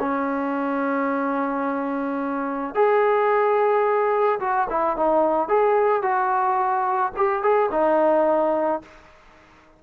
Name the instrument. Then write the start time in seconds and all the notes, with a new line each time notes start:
trombone
0.00 C#4
2.75 G#4
4.40 F#4
4.70 E4
4.97 D#4
5.49 G#4
6.03 F#4
7.17 G4
7.43 G#4
7.72 D#4